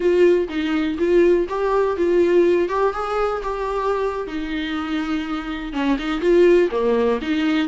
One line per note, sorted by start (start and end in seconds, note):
0.00 0.48 F4
0.49 0.97 D#4
0.98 1.47 F4
1.49 1.96 G4
1.96 2.69 F4
2.69 2.93 G4
2.93 3.41 G#4
3.43 4.27 G4
4.27 5.73 D#4
5.73 5.97 C#4
5.98 6.20 D#4
6.20 6.69 F4
6.71 7.20 A#3
7.21 7.68 D#4